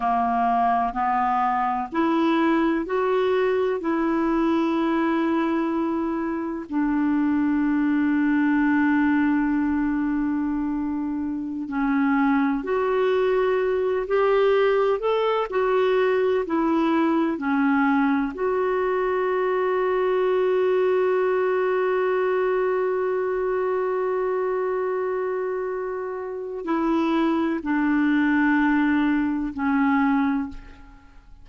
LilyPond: \new Staff \with { instrumentName = "clarinet" } { \time 4/4 \tempo 4 = 63 ais4 b4 e'4 fis'4 | e'2. d'4~ | d'1~ | d'16 cis'4 fis'4. g'4 a'16~ |
a'16 fis'4 e'4 cis'4 fis'8.~ | fis'1~ | fis'1 | e'4 d'2 cis'4 | }